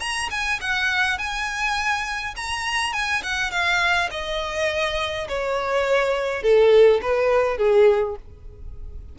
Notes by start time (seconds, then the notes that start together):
0.00 A#5
0.31 G#5
0.61 F#5
1.18 G#5
2.36 A#5
2.93 G#5
3.23 F#5
3.51 F5
4.11 D#5
5.28 C#5
6.42 A4
7.02 B4
7.58 G#4